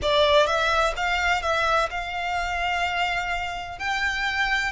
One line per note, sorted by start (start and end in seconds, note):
0.02 0.46 D5
0.46 0.93 E5
0.96 1.42 F5
1.42 1.89 E5
1.90 3.78 F5
3.78 4.72 G5